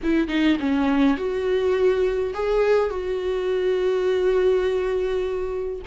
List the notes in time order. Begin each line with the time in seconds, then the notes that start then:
0.03 E4
0.28 D#4
0.59 C#4
1.17 F#4
2.34 G#4
2.89 F#4